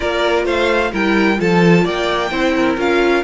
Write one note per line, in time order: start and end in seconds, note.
0.00 0.45 A#3
0.00 0.91 F4
0.00 0.45 A#4
0.00 0.44 D5
0.45 0.91 A3
0.45 0.91 C5
0.45 0.93 F5
0.91 1.39 G3
0.91 1.36 E4
0.91 1.38 A#4
0.91 1.40 G5
1.36 1.85 F3
1.36 2.28 F4
1.36 1.84 A4
1.36 1.86 A5
1.84 2.30 A#3
1.84 2.30 D5
1.84 2.79 G5
2.30 2.77 C4
2.30 2.77 E4
2.30 2.53 C5
2.55 3.23 A#4
2.77 3.23 C#4
2.77 3.23 F4
2.77 3.23 F5